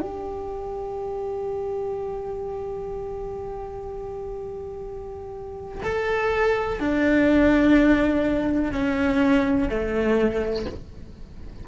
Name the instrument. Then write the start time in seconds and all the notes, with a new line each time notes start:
cello
0.00 G4
5.82 A4
6.79 D4
8.72 C#4
9.69 A3